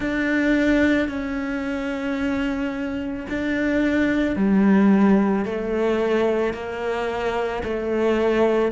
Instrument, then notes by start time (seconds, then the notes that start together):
cello
0.00 D4
1.08 C#4
3.29 D4
4.36 G3
5.45 A3
6.53 A#3
7.63 A3